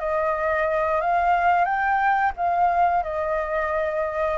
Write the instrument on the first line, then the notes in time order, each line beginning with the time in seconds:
flute
0.00 D#5
1.01 F5
1.65 G5
2.37 F5
3.03 D#5